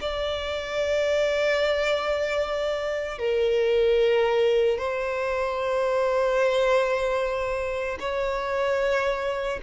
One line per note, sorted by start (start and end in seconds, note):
0.00 3.18 D5
3.18 4.78 A#4
4.78 7.98 C5
8.00 9.60 C#5